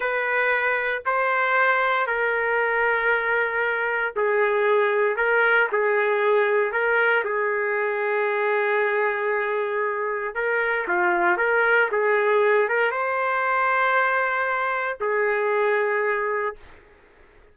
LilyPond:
\new Staff \with { instrumentName = "trumpet" } { \time 4/4 \tempo 4 = 116 b'2 c''2 | ais'1 | gis'2 ais'4 gis'4~ | gis'4 ais'4 gis'2~ |
gis'1 | ais'4 f'4 ais'4 gis'4~ | gis'8 ais'8 c''2.~ | c''4 gis'2. | }